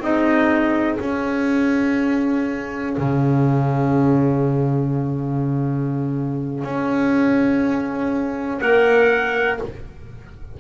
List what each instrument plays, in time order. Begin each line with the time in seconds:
0.00 double bass C4, clarinet D#4 G#4, trumpet D#5
0.98 clarinet C#4, double bass C#4, trumpet F5
2.98 double bass C#3
6.65 double bass C#4
8.60 double bass A#3, clarinet A#4, trumpet F#5